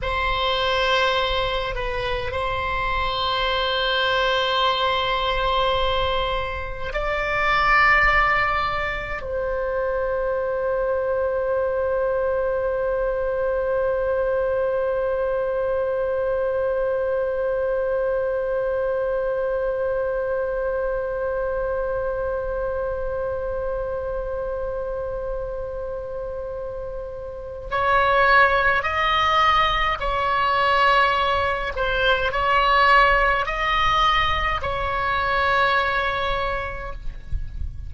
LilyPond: \new Staff \with { instrumentName = "oboe" } { \time 4/4 \tempo 4 = 52 c''4. b'8 c''2~ | c''2 d''2 | c''1~ | c''1~ |
c''1~ | c''1 | cis''4 dis''4 cis''4. c''8 | cis''4 dis''4 cis''2 | }